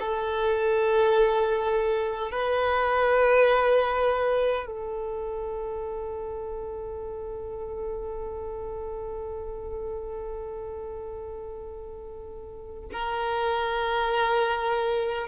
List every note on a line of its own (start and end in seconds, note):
0.00 2.32 A4
2.32 4.66 B4
4.66 12.90 A4
12.93 15.28 A#4